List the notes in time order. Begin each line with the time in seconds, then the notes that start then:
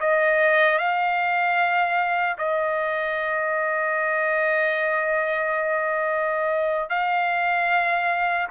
0.00 D#5
0.79 F5
2.38 D#5
6.90 F5